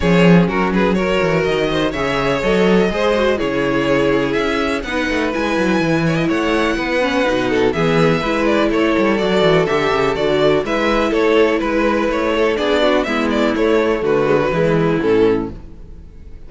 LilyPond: <<
  \new Staff \with { instrumentName = "violin" } { \time 4/4 \tempo 4 = 124 cis''4 ais'8 b'8 cis''4 dis''4 | e''4 dis''2 cis''4~ | cis''4 e''4 fis''4 gis''4~ | gis''4 fis''2. |
e''4. d''8 cis''4 d''4 | e''4 d''4 e''4 cis''4 | b'4 cis''4 d''4 e''8 d''8 | cis''4 b'2 a'4 | }
  \new Staff \with { instrumentName = "violin" } { \time 4/4 gis'4 fis'8 gis'8 ais'4. c''8 | cis''2 c''4 gis'4~ | gis'2 b'2~ | b'8 cis''16 dis''16 cis''4 b'4. a'8 |
gis'4 b'4 a'2~ | a'2 b'4 a'4 | b'4. a'8 gis'8 fis'8 e'4~ | e'4 fis'4 e'2 | }
  \new Staff \with { instrumentName = "viola" } { \time 4/4 cis'2 fis'2 | gis'4 a'4 gis'8 fis'8 e'4~ | e'2 dis'4 e'4~ | e'2~ e'8 cis'8 dis'4 |
b4 e'2 fis'4 | g'4 fis'4 e'2~ | e'2 d'4 b4 | a4. gis16 fis16 gis4 cis'4 | }
  \new Staff \with { instrumentName = "cello" } { \time 4/4 f4 fis4. e8 dis4 | cis4 fis4 gis4 cis4~ | cis4 cis'4 b8 a8 gis8 fis8 | e4 a4 b4 b,4 |
e4 gis4 a8 g8 fis8 e8 | d8 cis8 d4 gis4 a4 | gis4 a4 b4 gis4 | a4 d4 e4 a,4 | }
>>